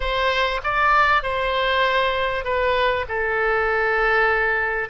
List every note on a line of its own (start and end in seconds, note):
0.00 0.60 C5
0.63 1.22 D5
1.22 2.44 C5
2.44 3.05 B4
3.08 4.89 A4